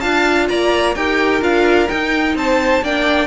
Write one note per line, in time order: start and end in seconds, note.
0.00 0.50 D4
0.00 0.96 F4
0.00 0.48 F5
0.00 0.47 A5
0.48 0.96 A#3
0.48 0.96 D5
0.48 0.95 A#5
0.95 1.42 D#4
0.95 1.41 G4
0.95 2.37 A#4
0.95 1.42 G5
1.41 1.89 D4
1.41 1.88 F4
1.41 1.88 F5
1.88 2.83 D#4
1.88 2.35 D#4
1.88 2.35 G5
2.35 2.82 C4
2.35 2.83 C5
2.35 2.84 A5
2.82 3.27 A#3
2.82 3.27 D4
2.82 3.27 D5
2.82 3.27 G5